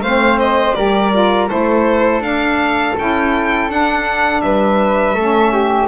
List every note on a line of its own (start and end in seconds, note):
0.00 0.73 A3
0.00 0.77 C4
0.00 0.77 C5
0.00 0.39 F5
0.39 0.75 D#5
0.75 1.50 G3
0.75 1.12 G4
0.75 1.49 A#4
0.75 1.48 D5
1.12 1.49 F4
1.49 2.20 A3
1.49 2.22 E4
1.49 4.42 A4
1.49 2.23 C5
2.20 2.93 D4
2.20 2.96 D4
2.20 2.96 F5
2.98 3.69 C#4
2.98 3.69 E4
2.98 3.71 G5
3.69 4.42 D4
3.69 5.16 D4
3.69 4.41 F#5
4.41 5.15 G3
4.41 5.15 B4
4.41 5.88 E5
5.15 5.88 A3
5.15 5.88 C#4
5.15 5.52 A4
5.52 5.88 G4